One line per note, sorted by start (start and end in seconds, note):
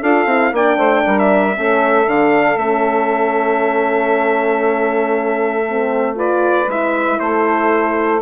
0.00 0.25 D4
0.00 0.27 F4
0.00 0.51 A4
0.00 0.54 F5
0.25 0.51 C4
0.25 0.53 E4
0.52 0.76 A#3
0.52 1.54 D4
0.52 0.77 D5
0.52 1.19 G5
0.76 1.02 A3
0.76 1.02 C5
1.06 1.57 G3
1.06 1.57 A#4
1.19 2.09 E5
1.54 2.07 A3
1.54 2.06 C#4
1.54 6.16 A4
2.07 2.56 D3
2.07 2.58 D4
2.07 2.57 F5
2.56 6.66 A3
2.56 5.65 C#4
2.56 6.16 E5
5.68 6.15 C4
6.15 6.66 F4
6.15 7.19 B4
6.15 6.69 D5
6.67 7.18 G#3
6.67 8.22 E4
6.67 7.19 E5
7.19 8.22 A3
7.19 8.22 A4
7.19 8.22 C5